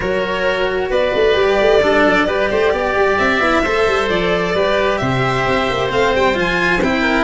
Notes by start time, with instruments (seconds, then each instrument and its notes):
0.00 tuba F#3, cello F#4, oboe A#4, violin C#5
0.90 tuba B3, oboe B4, violin D5
1.15 tuba A3
1.34 tuba G3, cello G4
1.60 tuba A3
1.82 tuba G3, cello D4, oboe A4
2.05 tuba F#3
2.27 tuba G3, cello G4, oboe B4
2.50 tuba A3, oboe C5
2.72 tuba B3, oboe D5
2.95 tuba G3
3.18 tuba C4, violin E5
3.39 tuba B3, cello E4
3.63 tuba A3, cello A4, oboe C5
3.87 tuba G3
4.09 tuba F3, violin D5
4.54 tuba G3, cello G4, oboe B4
4.97 tuba C3, oboe C5, violin E5
5.46 tuba C4
5.70 tuba A#3
5.89 tuba A3, cello C4, violin F5
6.15 tuba G3, violin G5
6.34 tuba F3, cello F4, violin G#5
6.81 tuba C4, cello E4, violin G5
7.01 oboe A#4